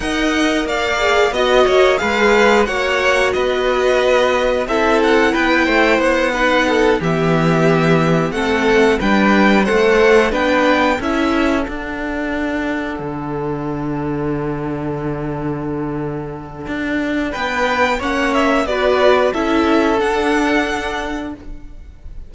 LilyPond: <<
  \new Staff \with { instrumentName = "violin" } { \time 4/4 \tempo 4 = 90 fis''4 f''4 dis''4 f''4 | fis''4 dis''2 e''8 fis''8 | g''4 fis''4. e''4.~ | e''8 fis''4 g''4 fis''4 g''8~ |
g''8 e''4 fis''2~ fis''8~ | fis''1~ | fis''2 g''4 fis''8 e''8 | d''4 e''4 fis''2 | }
  \new Staff \with { instrumentName = "violin" } { \time 4/4 dis''4 d''4 dis''8 cis''8 b'4 | cis''4 b'2 a'4 | b'8 c''4 b'8 a'8 g'4.~ | g'8 a'4 b'4 c''4 b'8~ |
b'8 a'2.~ a'8~ | a'1~ | a'2 b'4 cis''4 | b'4 a'2. | }
  \new Staff \with { instrumentName = "viola" } { \time 4/4 ais'4. gis'8 fis'4 gis'4 | fis'2. e'4~ | e'4. dis'4 b4.~ | b8 c'4 d'4 a'4 d'8~ |
d'8 e'4 d'2~ d'8~ | d'1~ | d'2. cis'4 | fis'4 e'4 d'2 | }
  \new Staff \with { instrumentName = "cello" } { \time 4/4 dis'4 ais4 b8 ais8 gis4 | ais4 b2 c'4 | b8 a8 b4. e4.~ | e8 a4 g4 a4 b8~ |
b8 cis'4 d'2 d8~ | d1~ | d4 d'4 b4 ais4 | b4 cis'4 d'2 | }
>>